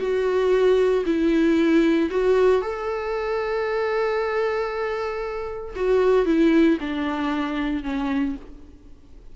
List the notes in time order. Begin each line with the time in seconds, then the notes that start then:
0.00 F#4
1.06 E4
2.11 F#4
2.62 A4
5.76 F#4
6.26 E4
6.81 D4
7.84 C#4